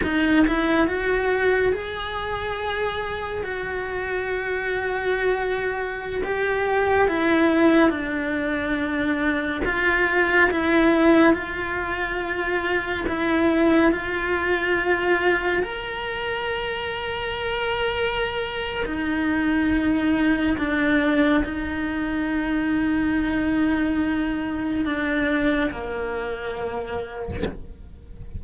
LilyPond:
\new Staff \with { instrumentName = "cello" } { \time 4/4 \tempo 4 = 70 dis'8 e'8 fis'4 gis'2 | fis'2.~ fis'16 g'8.~ | g'16 e'4 d'2 f'8.~ | f'16 e'4 f'2 e'8.~ |
e'16 f'2 ais'4.~ ais'16~ | ais'2 dis'2 | d'4 dis'2.~ | dis'4 d'4 ais2 | }